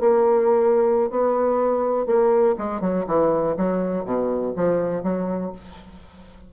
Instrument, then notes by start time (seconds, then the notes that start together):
bassoon
0.00 A#3
1.10 B3
2.06 A#3
2.58 G#3
2.81 F#3
3.07 E3
3.57 F#3
4.05 B2
4.56 F3
5.03 F#3